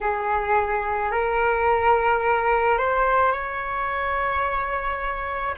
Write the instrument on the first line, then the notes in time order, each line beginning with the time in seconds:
flute
0.00 G#4
1.11 A#4
2.78 C5
3.32 C#5